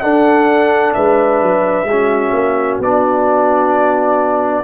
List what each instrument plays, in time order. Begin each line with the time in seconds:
0.00 trombone D4, tuba D4, horn A4, trumpet F#5
0.93 tuba G#3, horn B4, trumpet E5
1.42 tuba F#3
1.84 tuba G#3, horn F#4
1.91 trombone C#4
2.32 tuba A#3
2.79 tuba B3, trombone D4, trumpet D5